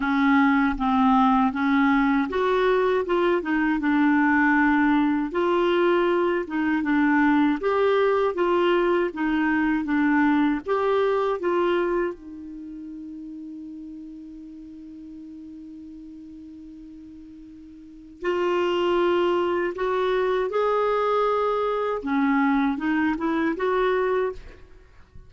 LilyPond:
\new Staff \with { instrumentName = "clarinet" } { \time 4/4 \tempo 4 = 79 cis'4 c'4 cis'4 fis'4 | f'8 dis'8 d'2 f'4~ | f'8 dis'8 d'4 g'4 f'4 | dis'4 d'4 g'4 f'4 |
dis'1~ | dis'1 | f'2 fis'4 gis'4~ | gis'4 cis'4 dis'8 e'8 fis'4 | }